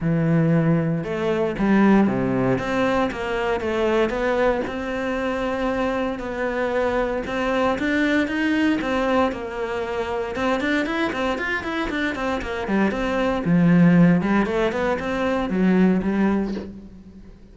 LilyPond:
\new Staff \with { instrumentName = "cello" } { \time 4/4 \tempo 4 = 116 e2 a4 g4 | c4 c'4 ais4 a4 | b4 c'2. | b2 c'4 d'4 |
dis'4 c'4 ais2 | c'8 d'8 e'8 c'8 f'8 e'8 d'8 c'8 | ais8 g8 c'4 f4. g8 | a8 b8 c'4 fis4 g4 | }